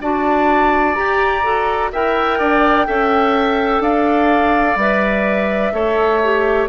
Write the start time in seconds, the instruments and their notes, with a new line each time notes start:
0.00 bassoon D4, clarinet F#4, oboe D5, flute A5
0.94 clarinet G4, bassoon G4, flute A#5
1.42 bassoon F#4, clarinet A4
1.91 bassoon E4, clarinet A#4, oboe E5, flute G5
2.38 bassoon D4, oboe D5
2.86 bassoon C#4, clarinet A4, oboe E5
3.80 bassoon D4, oboe D5, flute F5
4.75 bassoon G3, clarinet B4, flute E5
5.72 bassoon A3, clarinet A4, oboe C#5
6.23 clarinet G4